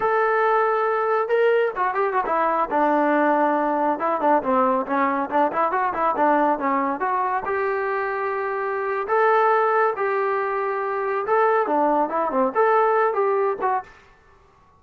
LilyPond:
\new Staff \with { instrumentName = "trombone" } { \time 4/4 \tempo 4 = 139 a'2. ais'4 | fis'8 g'8 fis'16 e'4 d'4.~ d'16~ | d'4~ d'16 e'8 d'8 c'4 cis'8.~ | cis'16 d'8 e'8 fis'8 e'8 d'4 cis'8.~ |
cis'16 fis'4 g'2~ g'8.~ | g'4 a'2 g'4~ | g'2 a'4 d'4 | e'8 c'8 a'4. g'4 fis'8 | }